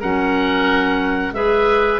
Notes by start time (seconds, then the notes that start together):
0.00 F#3 C#4 A#4 F#5
1.32 G#3 G#4 B4 E5